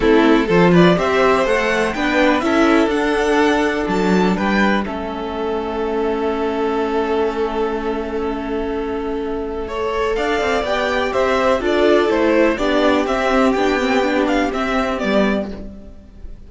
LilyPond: <<
  \new Staff \with { instrumentName = "violin" } { \time 4/4 \tempo 4 = 124 a'4 c''8 d''8 e''4 fis''4 | g''4 e''4 fis''2 | a''4 g''4 e''2~ | e''1~ |
e''1~ | e''4 f''4 g''4 e''4 | d''4 c''4 d''4 e''4 | g''4. f''8 e''4 d''4 | }
  \new Staff \with { instrumentName = "violin" } { \time 4/4 e'4 a'8 b'8 c''2 | b'4 a'2.~ | a'4 b'4 a'2~ | a'1~ |
a'1 | cis''4 d''2 c''4 | a'2 g'2~ | g'1 | }
  \new Staff \with { instrumentName = "viola" } { \time 4/4 c'4 f'4 g'4 a'4 | d'4 e'4 d'2~ | d'2 cis'2~ | cis'1~ |
cis'1 | a'2 g'2 | f'4 e'4 d'4 c'4 | d'8 c'8 d'4 c'4 b4 | }
  \new Staff \with { instrumentName = "cello" } { \time 4/4 a4 f4 c'4 a4 | b4 cis'4 d'2 | fis4 g4 a2~ | a1~ |
a1~ | a4 d'8 c'8 b4 c'4 | d'4 a4 b4 c'4 | b2 c'4 g4 | }
>>